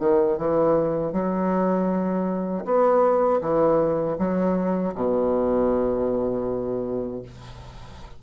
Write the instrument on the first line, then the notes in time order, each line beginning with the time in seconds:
bassoon
0.00 D#3
0.38 E3
1.13 F#3
2.65 B3
3.42 E3
4.19 F#3
4.95 B2